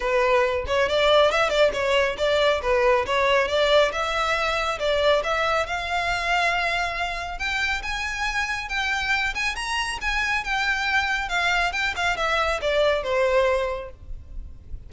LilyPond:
\new Staff \with { instrumentName = "violin" } { \time 4/4 \tempo 4 = 138 b'4. cis''8 d''4 e''8 d''8 | cis''4 d''4 b'4 cis''4 | d''4 e''2 d''4 | e''4 f''2.~ |
f''4 g''4 gis''2 | g''4. gis''8 ais''4 gis''4 | g''2 f''4 g''8 f''8 | e''4 d''4 c''2 | }